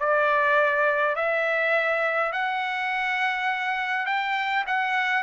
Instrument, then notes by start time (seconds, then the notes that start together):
trumpet
0.00 D5
1.16 E5
2.32 F#5
4.06 G5
4.67 F#5